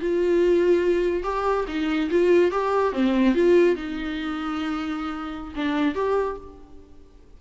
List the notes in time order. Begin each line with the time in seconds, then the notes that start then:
0.00 F4
1.23 G4
1.67 D#4
2.10 F4
2.51 G4
2.93 C4
3.34 F4
3.75 D#4
5.55 D4
5.94 G4